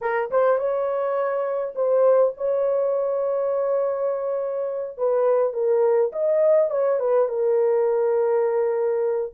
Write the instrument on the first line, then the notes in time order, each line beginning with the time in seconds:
horn
0.01 A#4
0.30 C5
0.57 C#5
1.75 C5
2.37 C#5
4.97 B4
5.53 A#4
6.12 D#5
6.70 C#5
6.99 B4
7.28 A#4